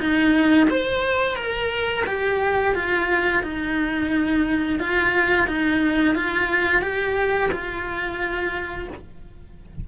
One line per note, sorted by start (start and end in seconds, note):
0.00 0.68 D#4
0.70 1.36 C5
1.36 2.04 A#4
2.07 2.75 G4
2.76 3.44 F4
3.44 4.80 D#4
4.80 5.48 F4
5.48 6.15 D#4
6.15 6.82 F4
6.82 7.51 G4
7.52 8.88 F4